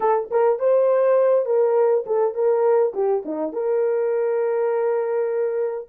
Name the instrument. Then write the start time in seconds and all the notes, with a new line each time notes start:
horn
0.00 A4
0.30 A#4
0.59 C5
1.45 A#4
2.06 A4
2.34 A#4
2.94 G4
3.25 D#4
3.52 A#4